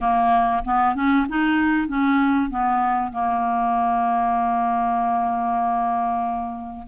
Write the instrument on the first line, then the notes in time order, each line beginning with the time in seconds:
clarinet
0.01 A#3
0.64 B3
0.95 C#4
1.28 D#4
1.88 C#4
2.49 B3
3.11 A#3